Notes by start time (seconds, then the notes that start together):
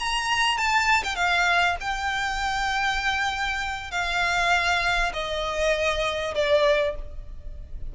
0.00 A#5
0.58 A5
1.04 G5
1.16 F5
1.81 G5
3.92 F5
5.13 D#5
6.35 D5